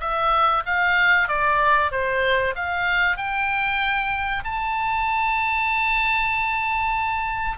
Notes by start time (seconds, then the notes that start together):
0.00 E5
0.66 F5
1.28 D5
1.91 C5
2.55 F5
3.17 G5
4.44 A5